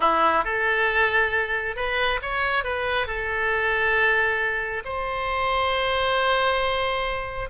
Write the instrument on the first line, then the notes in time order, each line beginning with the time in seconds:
oboe
0.00 E4
0.44 A4
1.76 B4
2.21 C#5
2.64 B4
3.06 A4
4.84 C5